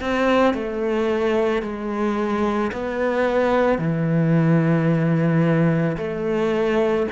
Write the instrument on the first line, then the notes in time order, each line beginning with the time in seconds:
cello
0.00 C4
0.54 A3
1.62 G#3
2.72 B3
3.78 E3
5.97 A3